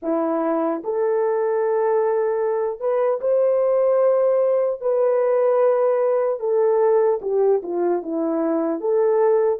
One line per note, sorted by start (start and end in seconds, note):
0.02 0.82 E4
0.84 2.80 A4
2.80 3.20 B4
3.20 4.80 C5
4.80 6.39 B4
6.39 7.19 A4
7.21 7.61 G4
7.62 8.02 F4
8.02 8.80 E4
8.80 9.59 A4